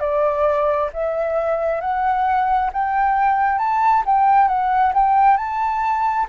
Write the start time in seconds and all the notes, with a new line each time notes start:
0.00 D5
0.94 E5
1.81 F#5
2.73 G5
3.59 A5
4.06 G5
4.48 F#5
4.95 G5
5.37 A5